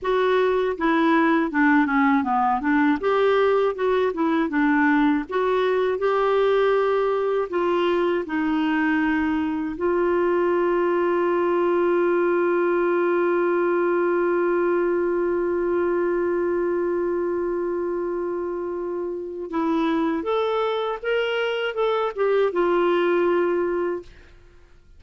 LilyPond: \new Staff \with { instrumentName = "clarinet" } { \time 4/4 \tempo 4 = 80 fis'4 e'4 d'8 cis'8 b8 d'8 | g'4 fis'8 e'8 d'4 fis'4 | g'2 f'4 dis'4~ | dis'4 f'2.~ |
f'1~ | f'1~ | f'2 e'4 a'4 | ais'4 a'8 g'8 f'2 | }